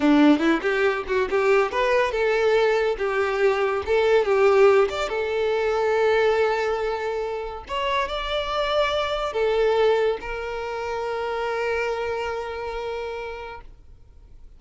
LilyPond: \new Staff \with { instrumentName = "violin" } { \time 4/4 \tempo 4 = 141 d'4 e'8 g'4 fis'8 g'4 | b'4 a'2 g'4~ | g'4 a'4 g'4. d''8 | a'1~ |
a'2 cis''4 d''4~ | d''2 a'2 | ais'1~ | ais'1 | }